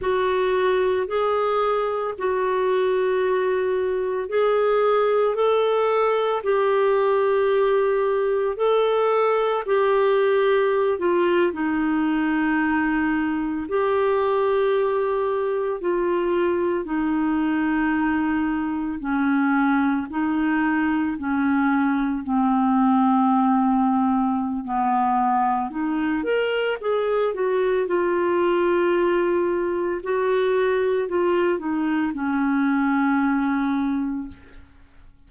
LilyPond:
\new Staff \with { instrumentName = "clarinet" } { \time 4/4 \tempo 4 = 56 fis'4 gis'4 fis'2 | gis'4 a'4 g'2 | a'4 g'4~ g'16 f'8 dis'4~ dis'16~ | dis'8. g'2 f'4 dis'16~ |
dis'4.~ dis'16 cis'4 dis'4 cis'16~ | cis'8. c'2~ c'16 b4 | dis'8 ais'8 gis'8 fis'8 f'2 | fis'4 f'8 dis'8 cis'2 | }